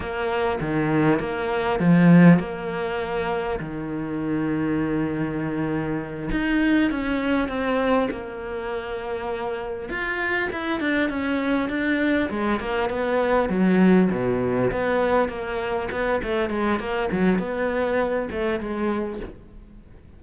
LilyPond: \new Staff \with { instrumentName = "cello" } { \time 4/4 \tempo 4 = 100 ais4 dis4 ais4 f4 | ais2 dis2~ | dis2~ dis8 dis'4 cis'8~ | cis'8 c'4 ais2~ ais8~ |
ais8 f'4 e'8 d'8 cis'4 d'8~ | d'8 gis8 ais8 b4 fis4 b,8~ | b,8 b4 ais4 b8 a8 gis8 | ais8 fis8 b4. a8 gis4 | }